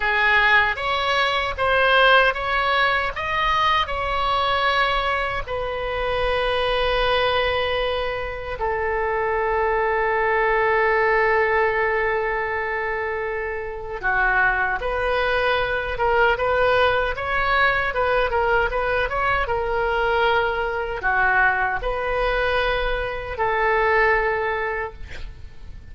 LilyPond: \new Staff \with { instrumentName = "oboe" } { \time 4/4 \tempo 4 = 77 gis'4 cis''4 c''4 cis''4 | dis''4 cis''2 b'4~ | b'2. a'4~ | a'1~ |
a'2 fis'4 b'4~ | b'8 ais'8 b'4 cis''4 b'8 ais'8 | b'8 cis''8 ais'2 fis'4 | b'2 a'2 | }